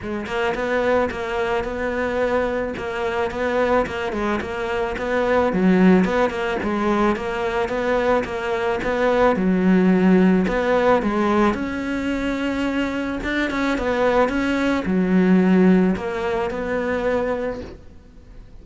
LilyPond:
\new Staff \with { instrumentName = "cello" } { \time 4/4 \tempo 4 = 109 gis8 ais8 b4 ais4 b4~ | b4 ais4 b4 ais8 gis8 | ais4 b4 fis4 b8 ais8 | gis4 ais4 b4 ais4 |
b4 fis2 b4 | gis4 cis'2. | d'8 cis'8 b4 cis'4 fis4~ | fis4 ais4 b2 | }